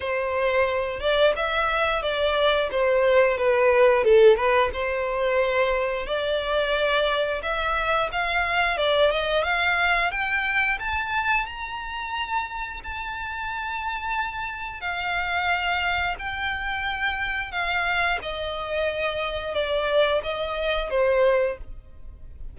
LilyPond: \new Staff \with { instrumentName = "violin" } { \time 4/4 \tempo 4 = 89 c''4. d''8 e''4 d''4 | c''4 b'4 a'8 b'8 c''4~ | c''4 d''2 e''4 | f''4 d''8 dis''8 f''4 g''4 |
a''4 ais''2 a''4~ | a''2 f''2 | g''2 f''4 dis''4~ | dis''4 d''4 dis''4 c''4 | }